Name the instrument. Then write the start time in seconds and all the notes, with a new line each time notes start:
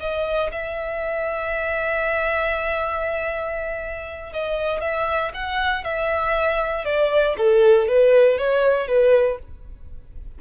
violin
0.00 D#5
0.52 E5
4.33 D#5
4.81 E5
5.34 F#5
5.84 E5
6.85 D5
7.38 A4
7.88 B4
8.38 C#5
8.88 B4